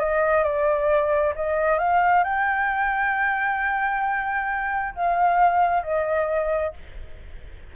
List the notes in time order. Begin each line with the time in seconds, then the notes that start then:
0.00 D#5
0.44 D5
1.36 D#5
1.79 F5
2.24 G5
4.95 F5
5.84 D#5